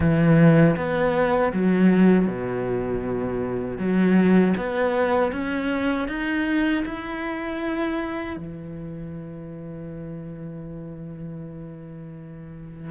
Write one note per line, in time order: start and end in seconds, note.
0.00 0.76 E3
0.76 1.52 B3
1.53 2.26 F#3
2.26 3.78 B2
3.78 4.54 F#3
4.56 5.32 B3
5.32 6.08 C#4
6.08 6.84 D#4
6.85 8.36 E4
8.36 12.90 E3